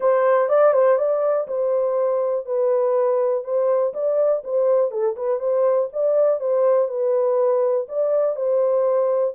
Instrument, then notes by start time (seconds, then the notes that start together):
horn
0.00 C5
0.48 D5
0.73 C5
0.97 D5
1.47 C5
2.45 B4
3.43 C5
3.93 D5
4.44 C5
4.91 A4
5.16 B4
5.39 C5
5.92 D5
6.40 C5
6.88 B4
7.88 D5
8.36 C5